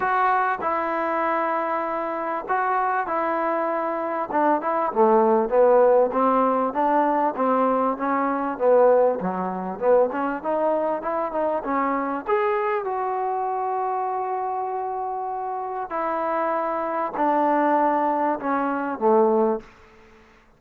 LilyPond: \new Staff \with { instrumentName = "trombone" } { \time 4/4 \tempo 4 = 98 fis'4 e'2. | fis'4 e'2 d'8 e'8 | a4 b4 c'4 d'4 | c'4 cis'4 b4 fis4 |
b8 cis'8 dis'4 e'8 dis'8 cis'4 | gis'4 fis'2.~ | fis'2 e'2 | d'2 cis'4 a4 | }